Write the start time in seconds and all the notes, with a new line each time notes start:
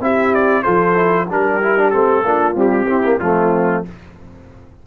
0.00 C4 E4 G4 E5
0.34 D5
0.62 F3 F4 A4 C5
0.94 E4
1.28 G3 D4 G4 A#4
1.62 E4
1.77 D4
1.90 A3 C4 A4
2.23 A#3 D4 F4
2.54 G3 C4 G4
2.87 C4 E4
3.04 A#3
3.19 F3 A3 C4 F4